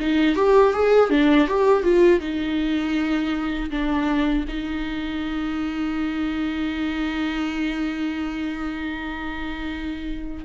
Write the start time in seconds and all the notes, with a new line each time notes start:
0.00 D#4
0.35 G4
0.73 G#4
1.10 D4
1.48 G4
1.83 F4
2.20 D#4
3.70 D4
4.48 D#4